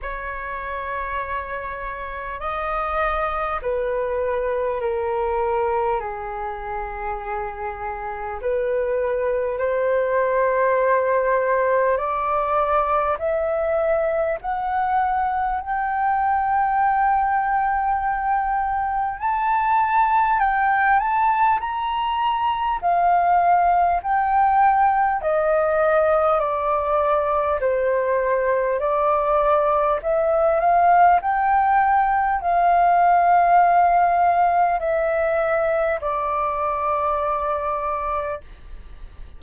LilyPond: \new Staff \with { instrumentName = "flute" } { \time 4/4 \tempo 4 = 50 cis''2 dis''4 b'4 | ais'4 gis'2 b'4 | c''2 d''4 e''4 | fis''4 g''2. |
a''4 g''8 a''8 ais''4 f''4 | g''4 dis''4 d''4 c''4 | d''4 e''8 f''8 g''4 f''4~ | f''4 e''4 d''2 | }